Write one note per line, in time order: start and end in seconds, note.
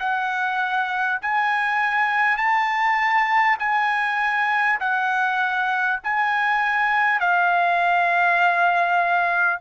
0.00 1.20 F#5
1.22 2.37 G#5
2.37 3.57 A5
3.59 4.79 G#5
4.80 6.00 F#5
6.03 7.21 G#5
7.21 9.61 F5